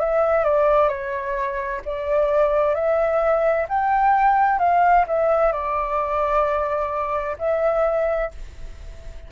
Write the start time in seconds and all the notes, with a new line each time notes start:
0.00 E5
0.44 D5
0.89 C#5
1.85 D5
2.75 E5
3.69 G5
4.59 F5
5.08 E5
5.53 D5
7.39 E5